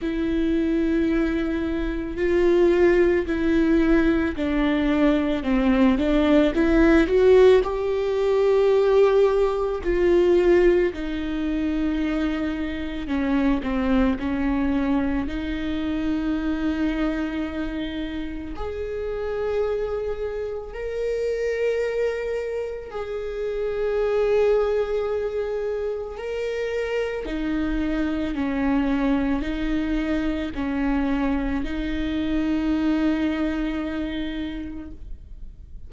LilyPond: \new Staff \with { instrumentName = "viola" } { \time 4/4 \tempo 4 = 55 e'2 f'4 e'4 | d'4 c'8 d'8 e'8 fis'8 g'4~ | g'4 f'4 dis'2 | cis'8 c'8 cis'4 dis'2~ |
dis'4 gis'2 ais'4~ | ais'4 gis'2. | ais'4 dis'4 cis'4 dis'4 | cis'4 dis'2. | }